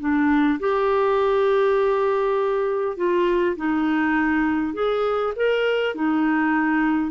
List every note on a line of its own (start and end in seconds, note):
0.00 0.59 D4
0.60 2.97 G4
2.97 3.56 F4
3.57 4.74 D#4
4.74 5.34 G#4
5.37 5.95 A#4
5.95 7.12 D#4